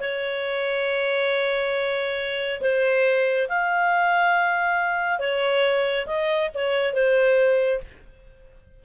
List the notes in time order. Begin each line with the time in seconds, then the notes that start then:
0.00 C#5
2.61 C5
3.49 F5
5.19 C#5
6.07 D#5
6.55 C#5
6.94 C5